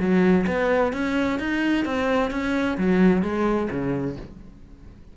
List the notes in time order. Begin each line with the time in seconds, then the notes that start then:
0.00 F#3
0.47 B3
0.93 C#4
1.39 D#4
1.85 C4
2.31 C#4
2.78 F#3
3.23 G#3
3.70 C#3